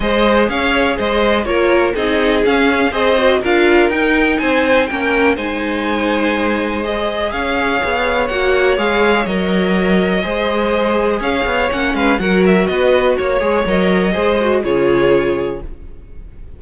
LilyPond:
<<
  \new Staff \with { instrumentName = "violin" } { \time 4/4 \tempo 4 = 123 dis''4 f''4 dis''4 cis''4 | dis''4 f''4 dis''4 f''4 | g''4 gis''4 g''4 gis''4~ | gis''2 dis''4 f''4~ |
f''4 fis''4 f''4 dis''4~ | dis''2. f''4 | fis''8 f''8 fis''8 e''8 dis''4 cis''4 | dis''2 cis''2 | }
  \new Staff \with { instrumentName = "violin" } { \time 4/4 c''4 cis''4 c''4 ais'4 | gis'2 c''4 ais'4~ | ais'4 c''4 ais'4 c''4~ | c''2. cis''4~ |
cis''1~ | cis''4 c''2 cis''4~ | cis''8 b'8 ais'4 b'4 cis''4~ | cis''4 c''4 gis'2 | }
  \new Staff \with { instrumentName = "viola" } { \time 4/4 gis'2. f'4 | dis'4 cis'4 gis'8 fis'8 f'4 | dis'2 cis'4 dis'4~ | dis'2 gis'2~ |
gis'4 fis'4 gis'4 ais'4~ | ais'4 gis'2. | cis'4 fis'2~ fis'8 gis'8 | ais'4 gis'8 fis'8 f'2 | }
  \new Staff \with { instrumentName = "cello" } { \time 4/4 gis4 cis'4 gis4 ais4 | c'4 cis'4 c'4 d'4 | dis'4 c'4 ais4 gis4~ | gis2. cis'4 |
b4 ais4 gis4 fis4~ | fis4 gis2 cis'8 b8 | ais8 gis8 fis4 b4 ais8 gis8 | fis4 gis4 cis2 | }
>>